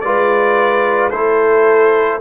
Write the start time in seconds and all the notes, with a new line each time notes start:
0.00 G#3 F4 B4 D5
1.10 A3 E4 A4 C5